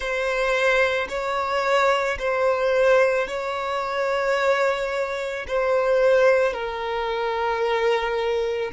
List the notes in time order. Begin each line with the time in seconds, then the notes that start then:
0.00 C5
1.09 C#5
2.18 C5
3.27 C#5
5.47 C5
6.53 A#4